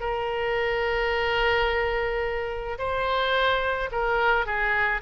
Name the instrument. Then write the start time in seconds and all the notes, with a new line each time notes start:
oboe
0.00 A#4
2.78 C5
3.91 A#4
4.46 G#4